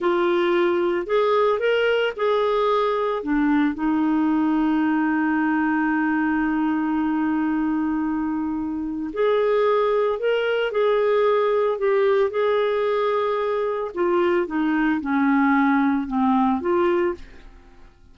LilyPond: \new Staff \with { instrumentName = "clarinet" } { \time 4/4 \tempo 4 = 112 f'2 gis'4 ais'4 | gis'2 d'4 dis'4~ | dis'1~ | dis'1~ |
dis'4 gis'2 ais'4 | gis'2 g'4 gis'4~ | gis'2 f'4 dis'4 | cis'2 c'4 f'4 | }